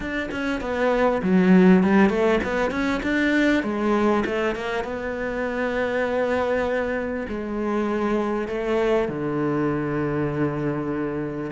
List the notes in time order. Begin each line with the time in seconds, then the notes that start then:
0.00 D4
0.31 C#4
0.61 B3
1.22 F#3
1.83 G3
2.09 A3
2.43 B3
2.71 C#4
3.02 D4
3.63 G#3
4.25 A3
4.55 A#3
4.84 B3
7.28 G#3
8.48 A3
9.08 D3